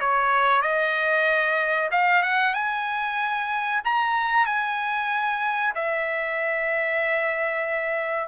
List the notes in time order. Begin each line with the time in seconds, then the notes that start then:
0.00 C#5
0.62 D#5
1.91 F5
2.23 F#5
2.54 G#5
3.84 A#5
4.46 G#5
5.75 E5